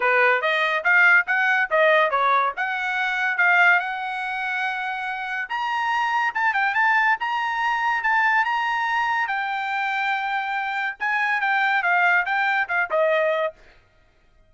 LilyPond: \new Staff \with { instrumentName = "trumpet" } { \time 4/4 \tempo 4 = 142 b'4 dis''4 f''4 fis''4 | dis''4 cis''4 fis''2 | f''4 fis''2.~ | fis''4 ais''2 a''8 g''8 |
a''4 ais''2 a''4 | ais''2 g''2~ | g''2 gis''4 g''4 | f''4 g''4 f''8 dis''4. | }